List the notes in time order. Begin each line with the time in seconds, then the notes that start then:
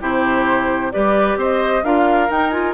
0.00 C3 E4 G4 C5
0.92 G3 G4 B4 D5
1.36 C4 C5
1.42 D#5
1.83 D4 F4 A#4 F5
2.29 D#4 G5
2.49 F4 G#5